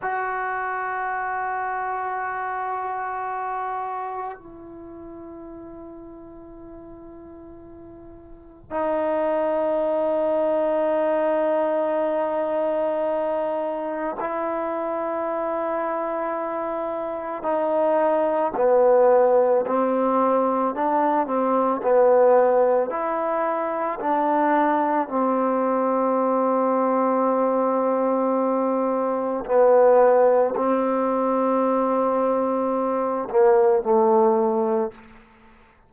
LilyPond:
\new Staff \with { instrumentName = "trombone" } { \time 4/4 \tempo 4 = 55 fis'1 | e'1 | dis'1~ | dis'4 e'2. |
dis'4 b4 c'4 d'8 c'8 | b4 e'4 d'4 c'4~ | c'2. b4 | c'2~ c'8 ais8 a4 | }